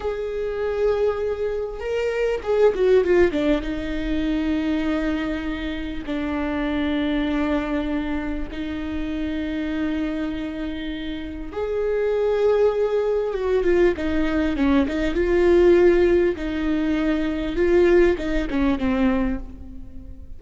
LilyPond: \new Staff \with { instrumentName = "viola" } { \time 4/4 \tempo 4 = 99 gis'2. ais'4 | gis'8 fis'8 f'8 d'8 dis'2~ | dis'2 d'2~ | d'2 dis'2~ |
dis'2. gis'4~ | gis'2 fis'8 f'8 dis'4 | cis'8 dis'8 f'2 dis'4~ | dis'4 f'4 dis'8 cis'8 c'4 | }